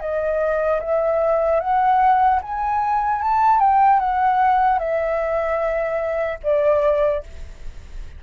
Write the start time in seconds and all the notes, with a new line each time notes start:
0.00 D#5
0.80 E5
1.60 F#5
2.42 G#5
3.21 A5
3.60 G5
4.00 F#5
4.79 E5
6.43 D5